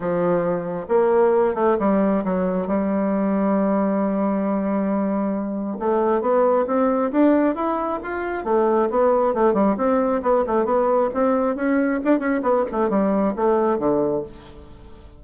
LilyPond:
\new Staff \with { instrumentName = "bassoon" } { \time 4/4 \tempo 4 = 135 f2 ais4. a8 | g4 fis4 g2~ | g1~ | g4 a4 b4 c'4 |
d'4 e'4 f'4 a4 | b4 a8 g8 c'4 b8 a8 | b4 c'4 cis'4 d'8 cis'8 | b8 a8 g4 a4 d4 | }